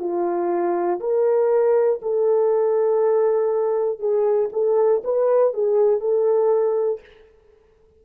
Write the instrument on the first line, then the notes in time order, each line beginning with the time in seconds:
horn
0.00 F4
1.00 A#4
2.03 A4
4.00 G#4
4.53 A4
5.04 B4
5.54 G#4
6.01 A4